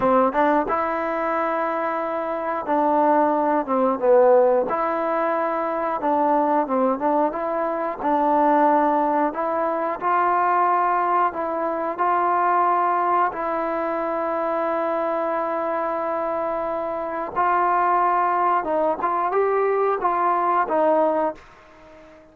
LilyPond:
\new Staff \with { instrumentName = "trombone" } { \time 4/4 \tempo 4 = 90 c'8 d'8 e'2. | d'4. c'8 b4 e'4~ | e'4 d'4 c'8 d'8 e'4 | d'2 e'4 f'4~ |
f'4 e'4 f'2 | e'1~ | e'2 f'2 | dis'8 f'8 g'4 f'4 dis'4 | }